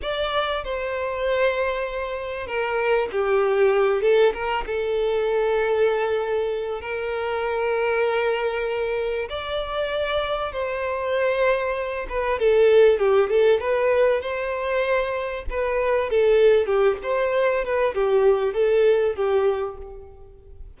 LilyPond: \new Staff \with { instrumentName = "violin" } { \time 4/4 \tempo 4 = 97 d''4 c''2. | ais'4 g'4. a'8 ais'8 a'8~ | a'2. ais'4~ | ais'2. d''4~ |
d''4 c''2~ c''8 b'8 | a'4 g'8 a'8 b'4 c''4~ | c''4 b'4 a'4 g'8 c''8~ | c''8 b'8 g'4 a'4 g'4 | }